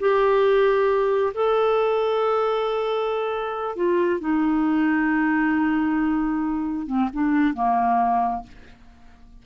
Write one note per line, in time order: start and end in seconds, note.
0.00 1.33 G4
1.35 3.76 A4
3.76 4.21 F4
4.21 6.87 D#4
6.87 7.09 C4
7.13 7.54 D4
7.54 8.43 A#3